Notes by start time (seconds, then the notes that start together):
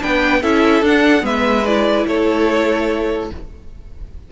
0.00 B3 D4 B4 G5
0.42 C#4 E4 A4 E5
0.82 D4 F#5
1.21 G#3 B3 B4 E5
1.65 E4 D5
2.07 A3 A4 C#5